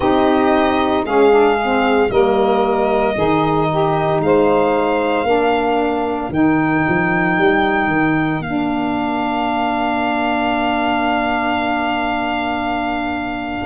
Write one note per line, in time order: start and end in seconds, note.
0.00 1.04 C4
0.00 1.06 D#4
0.00 1.03 G4
0.00 1.04 D#5
1.03 2.09 G#3
1.03 1.30 C#4
1.03 2.09 G#4
1.03 2.10 F5
1.30 1.57 D4
1.62 2.10 C4
2.09 3.14 G3
2.09 3.14 A#3
2.09 3.14 A#4
2.09 4.21 D#5
3.14 4.20 D#3
3.14 5.25 D#4
3.14 3.67 G#4
3.71 4.23 G4
4.20 5.23 G#3
4.20 5.27 C5
4.20 6.32 F5
5.23 6.29 A#3
5.23 6.30 D4
5.23 13.65 A#4
6.29 6.81 D#3
6.29 8.42 D#4
6.29 8.42 G5
6.88 7.38 F3
7.38 7.87 G3
7.87 8.39 D#3
8.39 13.65 A#3
8.39 13.65 D4
8.39 13.65 F5